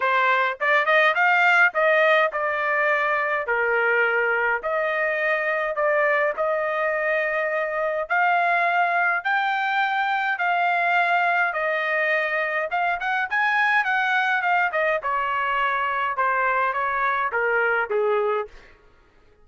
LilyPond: \new Staff \with { instrumentName = "trumpet" } { \time 4/4 \tempo 4 = 104 c''4 d''8 dis''8 f''4 dis''4 | d''2 ais'2 | dis''2 d''4 dis''4~ | dis''2 f''2 |
g''2 f''2 | dis''2 f''8 fis''8 gis''4 | fis''4 f''8 dis''8 cis''2 | c''4 cis''4 ais'4 gis'4 | }